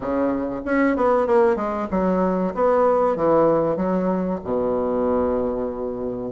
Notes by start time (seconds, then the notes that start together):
0.00 C#3
0.65 C#4
0.96 B3
1.26 A#3
1.56 G#3
1.90 F#3
2.54 B3
3.16 E3
3.76 F#3
4.44 B2